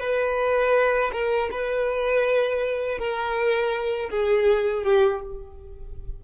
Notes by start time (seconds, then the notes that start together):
0.00 B4
1.13 A#4
1.52 B4
2.99 A#4
4.10 G#4
4.84 G4